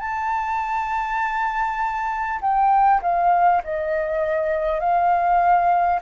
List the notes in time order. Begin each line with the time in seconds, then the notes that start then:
0.00 A5
2.42 G5
3.02 F5
3.64 D#5
4.80 F5